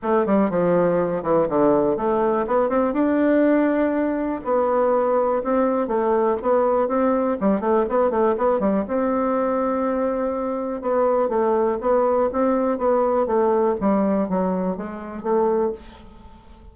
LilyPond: \new Staff \with { instrumentName = "bassoon" } { \time 4/4 \tempo 4 = 122 a8 g8 f4. e8 d4 | a4 b8 c'8 d'2~ | d'4 b2 c'4 | a4 b4 c'4 g8 a8 |
b8 a8 b8 g8 c'2~ | c'2 b4 a4 | b4 c'4 b4 a4 | g4 fis4 gis4 a4 | }